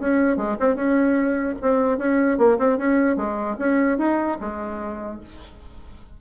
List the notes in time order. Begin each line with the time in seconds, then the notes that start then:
0.00 C#4
0.37 G#3
0.60 C4
0.76 C#4
1.62 C4
1.99 C#4
2.38 A#3
2.59 C4
2.79 C#4
3.17 G#3
3.59 C#4
3.98 D#4
4.41 G#3